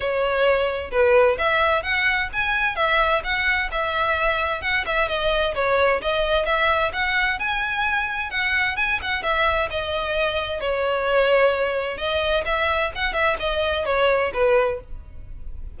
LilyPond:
\new Staff \with { instrumentName = "violin" } { \time 4/4 \tempo 4 = 130 cis''2 b'4 e''4 | fis''4 gis''4 e''4 fis''4 | e''2 fis''8 e''8 dis''4 | cis''4 dis''4 e''4 fis''4 |
gis''2 fis''4 gis''8 fis''8 | e''4 dis''2 cis''4~ | cis''2 dis''4 e''4 | fis''8 e''8 dis''4 cis''4 b'4 | }